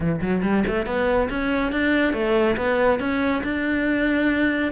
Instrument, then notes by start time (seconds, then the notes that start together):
cello
0.00 E3
0.21 F#3
0.42 G3
0.67 A3
0.86 B3
1.29 C#4
1.71 D4
2.13 A3
2.57 B3
2.99 C#4
3.43 D4